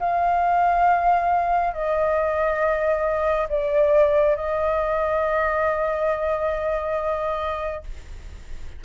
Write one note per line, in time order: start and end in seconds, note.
0.00 1.74 F5
1.74 3.48 D#5
3.49 4.36 D5
4.36 7.84 D#5